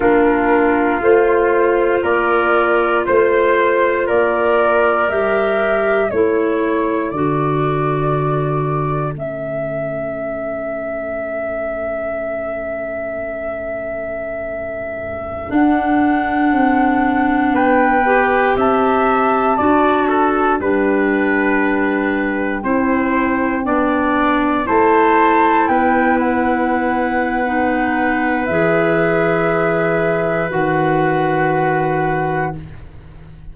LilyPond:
<<
  \new Staff \with { instrumentName = "flute" } { \time 4/4 \tempo 4 = 59 ais'4 c''4 d''4 c''4 | d''4 e''4 cis''4 d''4~ | d''4 e''2.~ | e''2.~ e''16 fis''8.~ |
fis''4~ fis''16 g''4 a''4.~ a''16~ | a''16 g''2.~ g''8.~ | g''16 a''4 g''8 fis''2~ fis''16 | e''2 fis''2 | }
  \new Staff \with { instrumentName = "trumpet" } { \time 4/4 f'2 ais'4 c''4 | ais'2 a'2~ | a'1~ | a'1~ |
a'4~ a'16 b'4 e''4 d''8 a'16~ | a'16 b'2 c''4 d''8.~ | d''16 c''4 b'2~ b'8.~ | b'1 | }
  \new Staff \with { instrumentName = "clarinet" } { \time 4/4 d'4 f'2.~ | f'4 g'4 e'4 fis'4~ | fis'4 cis'2.~ | cis'2.~ cis'16 d'8.~ |
d'4.~ d'16 g'4. fis'8.~ | fis'16 d'2 e'4 d'8.~ | d'16 e'2~ e'8. dis'4 | gis'2 fis'2 | }
  \new Staff \with { instrumentName = "tuba" } { \time 4/4 ais4 a4 ais4 a4 | ais4 g4 a4 d4~ | d4 a2.~ | a2.~ a16 d'8.~ |
d'16 c'4 b4 c'4 d'8.~ | d'16 g2 c'4 b8.~ | b16 a4 b2~ b8. | e2 dis2 | }
>>